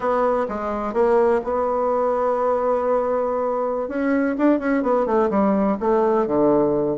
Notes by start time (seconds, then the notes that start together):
0.00 B3
0.48 G#3
0.93 A#3
1.43 B3
3.88 C#4
4.37 D4
4.59 C#4
4.82 B3
5.06 A3
5.29 G3
5.79 A3
6.27 D3